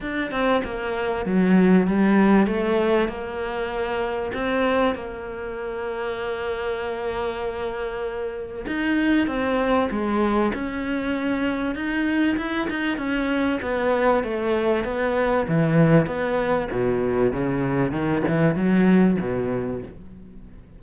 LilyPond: \new Staff \with { instrumentName = "cello" } { \time 4/4 \tempo 4 = 97 d'8 c'8 ais4 fis4 g4 | a4 ais2 c'4 | ais1~ | ais2 dis'4 c'4 |
gis4 cis'2 dis'4 | e'8 dis'8 cis'4 b4 a4 | b4 e4 b4 b,4 | cis4 dis8 e8 fis4 b,4 | }